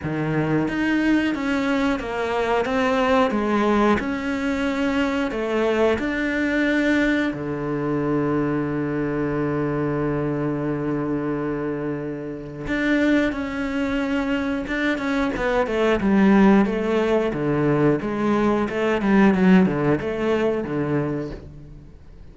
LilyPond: \new Staff \with { instrumentName = "cello" } { \time 4/4 \tempo 4 = 90 dis4 dis'4 cis'4 ais4 | c'4 gis4 cis'2 | a4 d'2 d4~ | d1~ |
d2. d'4 | cis'2 d'8 cis'8 b8 a8 | g4 a4 d4 gis4 | a8 g8 fis8 d8 a4 d4 | }